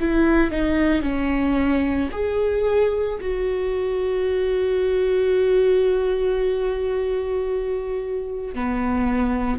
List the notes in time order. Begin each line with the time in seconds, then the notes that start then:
0.00 E4
0.51 D#4
1.02 C#4
2.11 G#4
3.21 F#4
8.54 B3